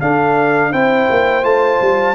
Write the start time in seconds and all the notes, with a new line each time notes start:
0.00 D4 A4 F5
0.71 C4 E4 C5 G5
1.10 A#3
1.42 A3 F4 A5
1.81 G3